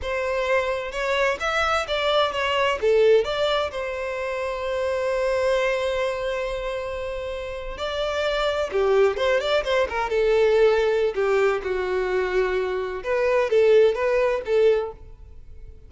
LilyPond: \new Staff \with { instrumentName = "violin" } { \time 4/4 \tempo 4 = 129 c''2 cis''4 e''4 | d''4 cis''4 a'4 d''4 | c''1~ | c''1~ |
c''8. d''2 g'4 c''16~ | c''16 d''8 c''8 ais'8 a'2~ a'16 | g'4 fis'2. | b'4 a'4 b'4 a'4 | }